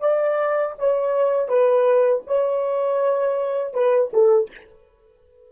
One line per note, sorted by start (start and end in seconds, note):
0.00 0.75 D5
0.78 1.48 C#5
1.48 2.23 B4
2.27 3.74 C#5
3.74 4.11 B4
4.13 4.50 A4